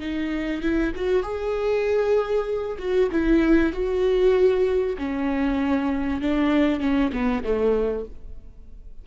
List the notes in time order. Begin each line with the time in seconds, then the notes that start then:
0.00 D#4
0.62 E4
0.95 F#4
1.23 G#4
2.79 F#4
3.12 E4
3.73 F#4
4.98 C#4
6.21 D4
6.80 C#4
7.12 B3
7.44 A3